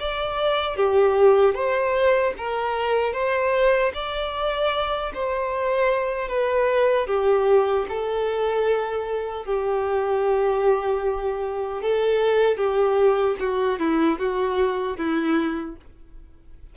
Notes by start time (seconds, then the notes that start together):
0.00 D5
0.77 G4
1.55 C5
2.38 A#4
3.14 C5
3.95 D5
5.15 C5
6.29 B4
7.07 G4
7.89 A4
9.46 G4
11.82 A4
12.57 G4
13.40 F#4
13.80 E4
14.19 F#4
14.97 E4